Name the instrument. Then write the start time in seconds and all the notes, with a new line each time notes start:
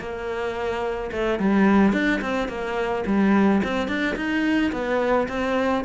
cello
0.00 A#3
1.12 A3
1.40 G3
1.93 D4
2.21 C4
2.49 A#3
3.07 G3
3.64 C4
3.88 D4
4.16 D#4
4.72 B3
5.29 C4